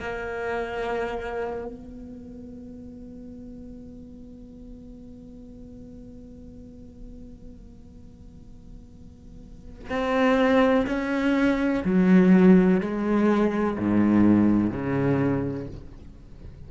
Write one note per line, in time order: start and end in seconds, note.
0.00 1.67 A#3
1.67 9.89 B3
9.90 10.87 C4
10.87 11.84 C#4
11.85 12.81 F#3
12.81 13.78 G#3
13.79 14.71 G#2
14.71 15.68 C#3